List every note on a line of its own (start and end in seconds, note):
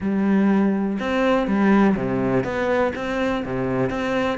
0.00 0.98 G3
0.99 1.47 C4
1.47 1.95 G3
1.96 2.44 C3
2.44 2.93 B3
2.95 3.43 C4
3.45 3.89 C3
3.89 4.38 C4